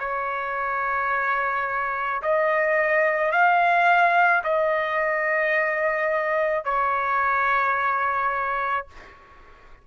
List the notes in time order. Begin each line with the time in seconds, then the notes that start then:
0.00 C#5
2.23 D#5
3.32 F5
4.44 D#5
6.65 C#5